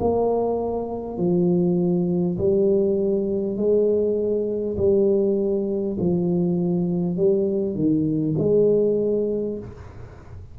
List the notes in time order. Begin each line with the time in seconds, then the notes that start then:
0.00 A#3
1.18 F3
2.38 G3
3.57 G#3
4.77 G3
5.99 F3
7.17 G3
7.75 D#3
8.38 G#3